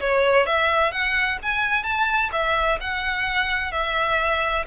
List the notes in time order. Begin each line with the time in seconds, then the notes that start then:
0.00 C#5
0.46 E5
0.92 F#5
1.42 G#5
1.83 A5
2.32 E5
2.80 F#5
3.72 E5